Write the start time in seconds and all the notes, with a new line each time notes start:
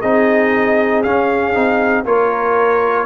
0.00 C4 D#4 G#4 D#5
1.03 C#4 F5
1.54 C4 D#4
2.05 A#3 F4 A#4 C#5